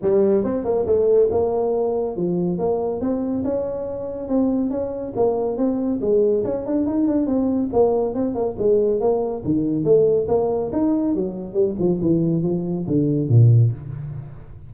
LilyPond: \new Staff \with { instrumentName = "tuba" } { \time 4/4 \tempo 4 = 140 g4 c'8 ais8 a4 ais4~ | ais4 f4 ais4 c'4 | cis'2 c'4 cis'4 | ais4 c'4 gis4 cis'8 d'8 |
dis'8 d'8 c'4 ais4 c'8 ais8 | gis4 ais4 dis4 a4 | ais4 dis'4 fis4 g8 f8 | e4 f4 d4 ais,4 | }